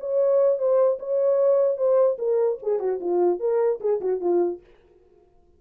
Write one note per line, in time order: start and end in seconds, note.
0.00 0.58 C#5
0.58 0.98 C5
0.99 1.77 C#5
1.77 2.17 C5
2.18 2.58 A#4
2.62 2.79 G#4
2.79 2.99 F#4
3.01 3.40 F4
3.40 3.80 A#4
3.80 4.00 G#4
4.01 4.21 F#4
4.21 4.61 F4